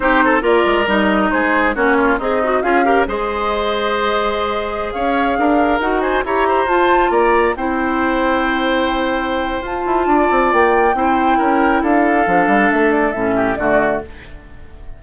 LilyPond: <<
  \new Staff \with { instrumentName = "flute" } { \time 4/4 \tempo 4 = 137 c''4 d''4 dis''4 c''4 | cis''4 dis''4 f''4 dis''4~ | dis''2.~ dis''16 f''8.~ | f''4~ f''16 fis''8 gis''8 ais''4 a''8.~ |
a''16 ais''4 g''2~ g''8.~ | g''2 a''2 | g''2. f''4~ | f''4 e''8 d''8 e''4 d''4 | }
  \new Staff \with { instrumentName = "oboe" } { \time 4/4 g'8 a'8 ais'2 gis'4 | fis'8 f'8 dis'4 gis'8 ais'8 c''4~ | c''2.~ c''16 cis''8.~ | cis''16 ais'4. c''8 cis''8 c''4~ c''16~ |
c''16 d''4 c''2~ c''8.~ | c''2. d''4~ | d''4 c''4 ais'4 a'4~ | a'2~ a'8 g'8 fis'4 | }
  \new Staff \with { instrumentName = "clarinet" } { \time 4/4 dis'4 f'4 dis'2 | cis'4 gis'8 fis'8 f'8 g'8 gis'4~ | gis'1~ | gis'4~ gis'16 fis'4 g'4 f'8.~ |
f'4~ f'16 e'2~ e'8.~ | e'2 f'2~ | f'4 e'2. | d'2 cis'4 a4 | }
  \new Staff \with { instrumentName = "bassoon" } { \time 4/4 c'4 ais8 gis8 g4 gis4 | ais4 c'4 cis'4 gis4~ | gis2.~ gis16 cis'8.~ | cis'16 d'4 dis'4 e'4 f'8.~ |
f'16 ais4 c'2~ c'8.~ | c'2 f'8 e'8 d'8 c'8 | ais4 c'4 cis'4 d'4 | f8 g8 a4 a,4 d4 | }
>>